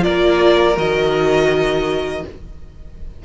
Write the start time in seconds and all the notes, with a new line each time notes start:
0.00 F4 A#4 D5
0.07 A#3
0.75 D#3 F#4 D#5